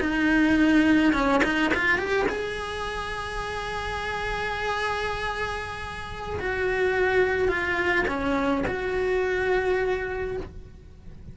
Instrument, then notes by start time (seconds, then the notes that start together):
cello
0.00 D#4
1.13 C#4
1.44 D#4
1.74 F4
1.98 G4
2.29 G#4
6.40 F#4
7.48 F4
8.08 C#4
8.67 F#4